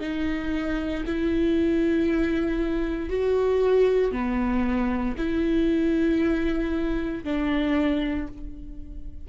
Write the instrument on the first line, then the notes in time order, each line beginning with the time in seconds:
viola
0.00 D#4
1.06 E4
3.09 F#4
4.11 B3
5.17 E4
7.24 D4